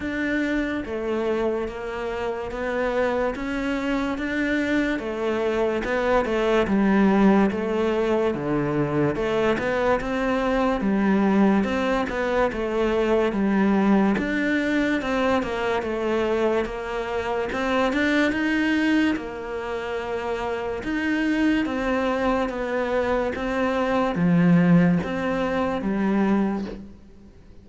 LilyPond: \new Staff \with { instrumentName = "cello" } { \time 4/4 \tempo 4 = 72 d'4 a4 ais4 b4 | cis'4 d'4 a4 b8 a8 | g4 a4 d4 a8 b8 | c'4 g4 c'8 b8 a4 |
g4 d'4 c'8 ais8 a4 | ais4 c'8 d'8 dis'4 ais4~ | ais4 dis'4 c'4 b4 | c'4 f4 c'4 g4 | }